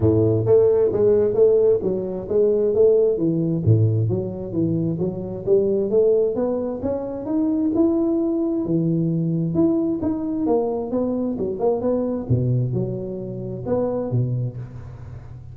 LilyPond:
\new Staff \with { instrumentName = "tuba" } { \time 4/4 \tempo 4 = 132 a,4 a4 gis4 a4 | fis4 gis4 a4 e4 | a,4 fis4 e4 fis4 | g4 a4 b4 cis'4 |
dis'4 e'2 e4~ | e4 e'4 dis'4 ais4 | b4 fis8 ais8 b4 b,4 | fis2 b4 b,4 | }